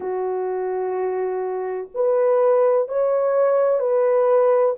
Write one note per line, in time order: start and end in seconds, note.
0.00 1.88 F#4
1.94 2.88 B4
2.88 3.79 C#5
3.79 4.74 B4